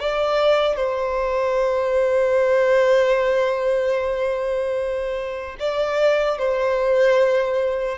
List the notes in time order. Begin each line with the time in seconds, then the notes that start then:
0.00 D5
0.77 C5
5.60 D5
6.39 C5